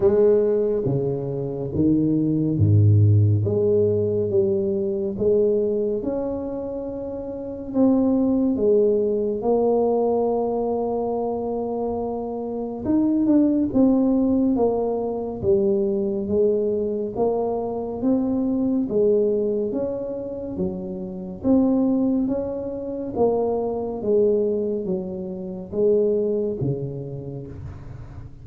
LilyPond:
\new Staff \with { instrumentName = "tuba" } { \time 4/4 \tempo 4 = 70 gis4 cis4 dis4 gis,4 | gis4 g4 gis4 cis'4~ | cis'4 c'4 gis4 ais4~ | ais2. dis'8 d'8 |
c'4 ais4 g4 gis4 | ais4 c'4 gis4 cis'4 | fis4 c'4 cis'4 ais4 | gis4 fis4 gis4 cis4 | }